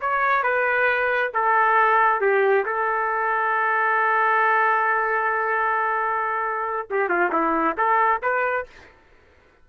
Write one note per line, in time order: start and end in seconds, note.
0.00 0.43 C#5
0.43 1.32 B4
1.34 2.20 A4
2.20 2.65 G4
2.65 6.87 A4
6.90 7.08 G4
7.08 7.31 F4
7.32 7.76 E4
7.77 8.22 A4
8.22 8.66 B4